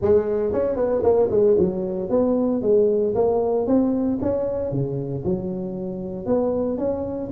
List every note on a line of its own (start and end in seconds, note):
0.01 0.52 G#3
0.52 0.75 C#4
0.75 1.02 B3
1.03 1.29 A#3
1.30 1.57 G#3
1.58 2.09 F#3
2.09 2.61 B3
2.62 3.14 G#3
3.14 3.66 A#3
3.66 4.19 C4
4.21 4.71 C#4
4.71 5.23 C#3
5.25 6.26 F#3
6.26 6.78 B3
6.78 7.30 C#4